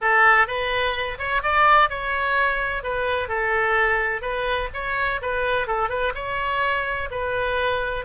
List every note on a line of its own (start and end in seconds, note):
0.01 0.47 A4
0.47 1.18 B4
1.18 1.42 C#5
1.43 1.89 D5
1.89 2.83 C#5
2.83 3.28 B4
3.28 4.21 A4
4.21 4.69 B4
4.73 5.21 C#5
5.21 5.67 B4
5.67 5.89 A4
5.89 6.12 B4
6.14 7.09 C#5
7.10 8.05 B4